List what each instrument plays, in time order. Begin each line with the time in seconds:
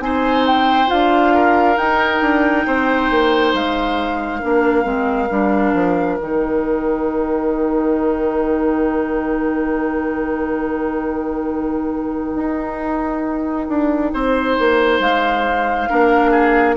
0.00 bassoon C4, clarinet D#4, oboe C5, flute G#5
0.47 flute G5
0.87 bassoon D4, clarinet F4, flute F5
1.34 oboe A#4
1.77 bassoon D#4, clarinet D#4, flute G5
2.21 bassoon D4
2.67 bassoon C4, oboe C5
3.11 bassoon A#3
3.54 bassoon G#3, flute F5
4.40 bassoon A#3, clarinet D4, oboe A#4
4.84 bassoon G#3, clarinet C4
5.30 bassoon G3, clarinet D4
5.74 bassoon F3
6.17 bassoon D#3, clarinet D#4, flute G5
12.35 bassoon D#4
13.69 bassoon D4
14.14 bassoon C4, oboe C5
14.59 bassoon A#3
15.00 bassoon G#3, flute F5
15.89 bassoon A#3, clarinet D4, oboe A#4
16.31 oboe G#4